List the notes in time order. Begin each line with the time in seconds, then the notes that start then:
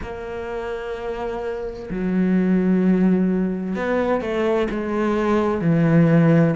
0.02 A#3
1.90 F#3
3.75 B3
4.21 A3
4.70 G#3
5.61 E3